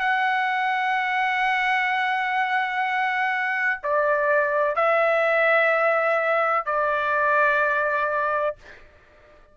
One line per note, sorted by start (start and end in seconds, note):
0.00 3.81 F#5
3.84 4.76 D5
4.76 6.66 E5
6.66 8.56 D5